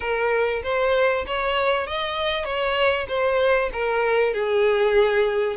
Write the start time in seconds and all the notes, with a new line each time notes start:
0.00 A#4
0.63 C5
1.26 C#5
1.86 D#5
2.44 C#5
3.08 C5
3.73 A#4
4.33 G#4